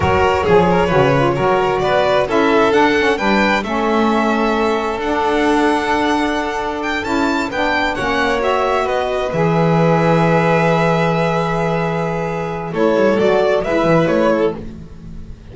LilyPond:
<<
  \new Staff \with { instrumentName = "violin" } { \time 4/4 \tempo 4 = 132 cis''1 | d''4 e''4 fis''4 g''4 | e''2. fis''4~ | fis''2. g''8 a''8~ |
a''8 g''4 fis''4 e''4 dis''8~ | dis''8 e''2.~ e''8~ | e''1 | cis''4 d''4 e''4 cis''4 | }
  \new Staff \with { instrumentName = "violin" } { \time 4/4 ais'4 gis'8 ais'8 b'4 ais'4 | b'4 a'2 b'4 | a'1~ | a'1~ |
a'8 b'4 cis''2 b'8~ | b'1~ | b'1 | a'2 b'4. a'8 | }
  \new Staff \with { instrumentName = "saxophone" } { \time 4/4 fis'4 gis'4 fis'8 f'8 fis'4~ | fis'4 e'4 d'8 cis'8 d'4 | cis'2. d'4~ | d'2.~ d'8 e'8~ |
e'8 d'4 cis'4 fis'4.~ | fis'8 gis'2.~ gis'8~ | gis'1 | e'4 fis'4 e'2 | }
  \new Staff \with { instrumentName = "double bass" } { \time 4/4 fis4 f4 cis4 fis4 | b4 cis'4 d'4 g4 | a2. d'4~ | d'2.~ d'8 cis'8~ |
cis'8 b4 ais2 b8~ | b8 e2.~ e8~ | e1 | a8 g8 fis4 gis8 e8 a4 | }
>>